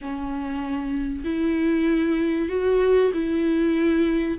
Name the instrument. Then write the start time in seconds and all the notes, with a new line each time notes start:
viola
0.01 C#4
1.24 E4
2.49 F#4
3.13 E4